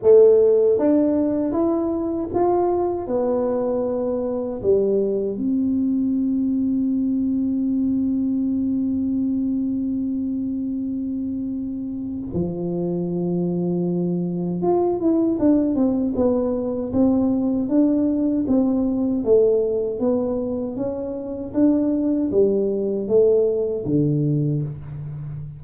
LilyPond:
\new Staff \with { instrumentName = "tuba" } { \time 4/4 \tempo 4 = 78 a4 d'4 e'4 f'4 | b2 g4 c'4~ | c'1~ | c'1 |
f2. f'8 e'8 | d'8 c'8 b4 c'4 d'4 | c'4 a4 b4 cis'4 | d'4 g4 a4 d4 | }